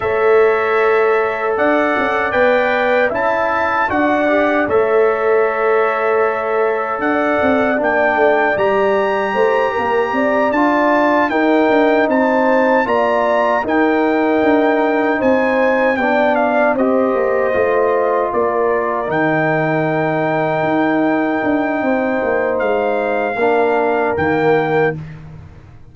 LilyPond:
<<
  \new Staff \with { instrumentName = "trumpet" } { \time 4/4 \tempo 4 = 77 e''2 fis''4 g''4 | a''4 fis''4 e''2~ | e''4 fis''4 g''4 ais''4~ | ais''4. a''4 g''4 a''8~ |
a''8 ais''4 g''2 gis''8~ | gis''8 g''8 f''8 dis''2 d''8~ | d''8 g''2.~ g''8~ | g''4 f''2 g''4 | }
  \new Staff \with { instrumentName = "horn" } { \time 4/4 cis''2 d''2 | e''4 d''4 cis''2~ | cis''4 d''2. | c''8 ais'8 d''4. ais'4 c''8~ |
c''8 d''4 ais'2 c''8~ | c''8 d''4 c''2 ais'8~ | ais'1 | c''2 ais'2 | }
  \new Staff \with { instrumentName = "trombone" } { \time 4/4 a'2. b'4 | e'4 fis'8 g'8 a'2~ | a'2 d'4 g'4~ | g'4. f'4 dis'4.~ |
dis'8 f'4 dis'2~ dis'8~ | dis'8 d'4 g'4 f'4.~ | f'8 dis'2.~ dis'8~ | dis'2 d'4 ais4 | }
  \new Staff \with { instrumentName = "tuba" } { \time 4/4 a2 d'8 cis'8 b4 | cis'4 d'4 a2~ | a4 d'8 c'8 ais8 a8 g4 | a8 ais8 c'8 d'4 dis'8 d'8 c'8~ |
c'8 ais4 dis'4 d'4 c'8~ | c'8 b4 c'8 ais8 a4 ais8~ | ais8 dis2 dis'4 d'8 | c'8 ais8 gis4 ais4 dis4 | }
>>